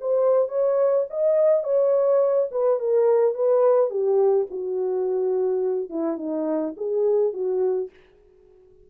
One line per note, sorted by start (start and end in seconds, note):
0.00 0.48 C5
0.48 1.05 C#5
1.10 1.63 D#5
1.63 2.48 C#5
2.51 2.79 B4
2.80 3.34 A#4
3.34 3.90 B4
3.90 4.46 G4
4.50 5.89 F#4
5.89 6.17 E4
6.17 6.74 D#4
6.76 7.33 G#4
7.33 7.90 F#4